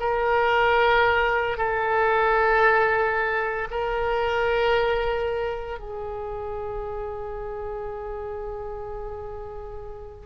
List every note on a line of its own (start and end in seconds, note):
0.00 1.58 A#4
1.58 3.68 A4
3.71 5.79 A#4
5.79 10.26 G#4